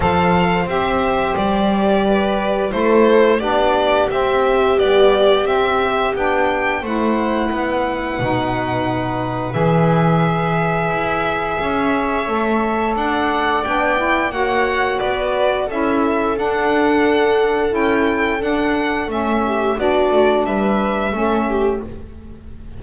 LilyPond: <<
  \new Staff \with { instrumentName = "violin" } { \time 4/4 \tempo 4 = 88 f''4 e''4 d''2 | c''4 d''4 e''4 d''4 | e''4 g''4 fis''2~ | fis''2 e''2~ |
e''2. fis''4 | g''4 fis''4 d''4 e''4 | fis''2 g''4 fis''4 | e''4 d''4 e''2 | }
  \new Staff \with { instrumentName = "viola" } { \time 4/4 c''2. b'4 | a'4 g'2.~ | g'2 c''4 b'4~ | b'1~ |
b'4 cis''2 d''4~ | d''4 cis''4 b'4 a'4~ | a'1~ | a'8 g'8 fis'4 b'4 a'8 g'8 | }
  \new Staff \with { instrumentName = "saxophone" } { \time 4/4 a'4 g'2. | e'4 d'4 c'4 g4 | c'4 d'4 e'2 | dis'2 gis'2~ |
gis'2 a'2 | d'8 e'8 fis'2 e'4 | d'2 e'4 d'4 | cis'4 d'2 cis'4 | }
  \new Staff \with { instrumentName = "double bass" } { \time 4/4 f4 c'4 g2 | a4 b4 c'4 b4 | c'4 b4 a4 b4 | b,2 e2 |
e'4 cis'4 a4 d'4 | b4 ais4 b4 cis'4 | d'2 cis'4 d'4 | a4 b8 a8 g4 a4 | }
>>